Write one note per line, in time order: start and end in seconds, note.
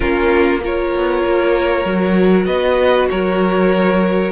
0.00 0.95 A#3
0.00 0.60 C#4
0.00 0.61 F4
0.00 0.61 A#4
0.63 1.85 F4
0.63 2.46 A#4
0.63 2.46 C#5
0.96 1.24 B3
1.24 1.85 A#3
1.85 2.46 F#3
1.85 4.32 F#4
2.46 3.08 B3
2.46 3.08 B4
2.46 3.08 D#5
3.09 4.32 F#3
3.09 4.32 A#4
3.09 4.32 C#5